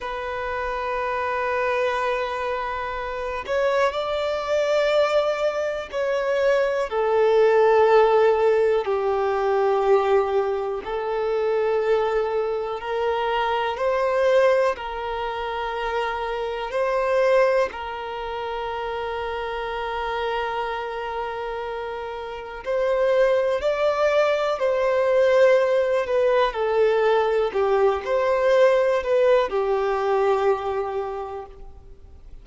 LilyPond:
\new Staff \with { instrumentName = "violin" } { \time 4/4 \tempo 4 = 61 b'2.~ b'8 cis''8 | d''2 cis''4 a'4~ | a'4 g'2 a'4~ | a'4 ais'4 c''4 ais'4~ |
ais'4 c''4 ais'2~ | ais'2. c''4 | d''4 c''4. b'8 a'4 | g'8 c''4 b'8 g'2 | }